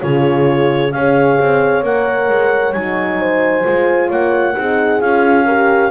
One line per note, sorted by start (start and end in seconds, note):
0.00 0.94 C#3
0.00 0.91 F4
0.00 0.95 G#4
0.00 0.92 C#5
0.92 1.39 C#4
0.92 1.84 G#4
0.92 3.20 C#5
0.92 1.83 F5
1.40 1.84 C4
1.84 2.29 A#3
1.84 2.74 A#4
1.84 2.73 F#5
2.29 2.74 G#3
2.73 3.65 F#3
2.73 3.64 D#4
2.73 4.09 G#5
3.20 4.08 C5
3.64 4.11 G#3
3.64 4.55 F4
4.08 4.56 A#3
4.08 4.54 C#5
4.08 5.01 F#5
4.55 5.02 C4
4.55 5.01 D#4
4.55 5.45 G#4
5.01 5.91 C#4
5.01 5.46 F4
5.01 5.91 F5
5.45 5.91 G4
5.45 5.91 A#4